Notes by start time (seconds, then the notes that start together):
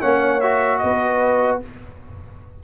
0.00 A#3 C#4 C#5 F#5
0.41 F#4 E5
0.79 B3 B4 D#5